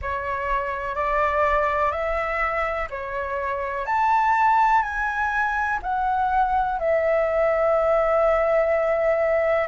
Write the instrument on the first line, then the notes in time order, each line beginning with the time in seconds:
flute
0.01 C#5
0.95 D5
1.91 E5
2.90 C#5
3.86 A5
4.82 G#5
5.82 F#5
6.79 E5